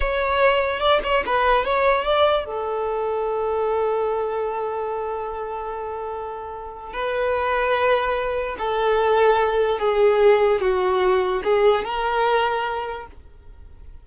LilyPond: \new Staff \with { instrumentName = "violin" } { \time 4/4 \tempo 4 = 147 cis''2 d''8 cis''8 b'4 | cis''4 d''4 a'2~ | a'1~ | a'1~ |
a'4 b'2.~ | b'4 a'2. | gis'2 fis'2 | gis'4 ais'2. | }